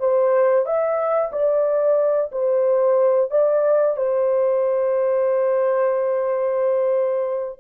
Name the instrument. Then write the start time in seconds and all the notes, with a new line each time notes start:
horn
0.00 C5
0.66 E5
1.32 D5
2.32 C5
3.31 D5
3.97 C5